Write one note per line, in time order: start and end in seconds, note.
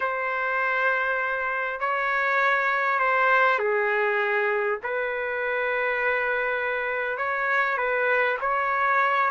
0.00 1.80 C5
1.80 2.99 C#5
2.99 3.58 C5
3.58 4.78 G#4
4.83 7.17 B4
7.17 7.77 C#5
7.77 8.37 B4
8.40 9.30 C#5